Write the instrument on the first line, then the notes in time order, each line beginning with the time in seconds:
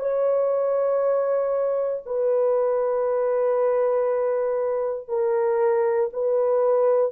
horn
0.00 C#5
2.06 B4
5.08 A#4
6.13 B4